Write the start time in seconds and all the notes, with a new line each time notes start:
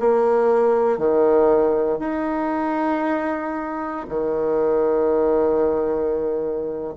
0.00 A#3
0.99 D#3
1.99 D#4
4.10 D#3